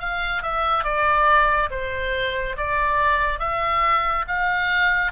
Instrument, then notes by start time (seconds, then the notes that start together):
oboe
0.00 F5
0.43 E5
0.85 D5
1.71 C5
2.58 D5
3.40 E5
4.28 F5